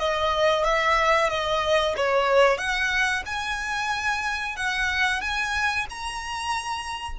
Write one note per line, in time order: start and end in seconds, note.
0.00 0.65 D#5
0.65 1.30 E5
1.30 1.95 D#5
1.97 2.58 C#5
2.58 3.23 F#5
3.26 4.57 G#5
4.57 5.21 F#5
5.21 5.87 G#5
5.90 7.19 A#5